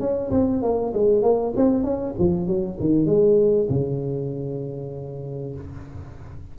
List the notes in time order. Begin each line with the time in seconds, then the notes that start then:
0.00 C#4
0.31 C4
0.62 A#3
0.93 G#3
1.23 A#3
1.56 C4
1.84 C#4
2.19 F3
2.47 F#3
2.80 D#3
3.06 G#3
3.70 C#3